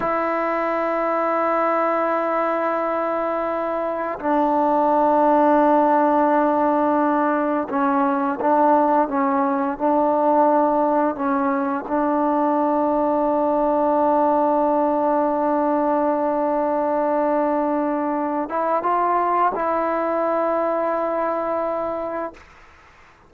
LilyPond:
\new Staff \with { instrumentName = "trombone" } { \time 4/4 \tempo 4 = 86 e'1~ | e'2 d'2~ | d'2. cis'4 | d'4 cis'4 d'2 |
cis'4 d'2.~ | d'1~ | d'2~ d'8 e'8 f'4 | e'1 | }